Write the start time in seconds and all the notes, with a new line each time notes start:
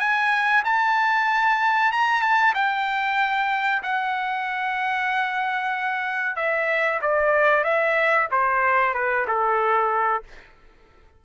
0.00 G#5
0.65 A5
1.92 A#5
2.22 A5
2.55 G5
3.83 F#5
6.37 E5
7.02 D5
7.65 E5
8.32 C5
8.94 B4
9.28 A4